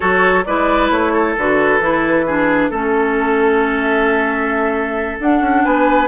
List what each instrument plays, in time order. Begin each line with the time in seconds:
0.00 bassoon F#3, clarinet F#4, oboe A4, flute C#5
0.44 bassoon G#3, clarinet E4, oboe B4, flute D5
0.90 bassoon A3, flute C#5
1.13 oboe A4
1.37 bassoon D3, clarinet F#4, flute B4
1.79 bassoon E3, clarinet E4
2.25 clarinet D4, oboe G#4
2.69 bassoon A3, clarinet C#4, flute A4, oboe A4
3.81 flute E5
5.19 bassoon D4, clarinet D4, flute F#5
5.40 bassoon C#4
5.64 bassoon B3, oboe B4, flute G#5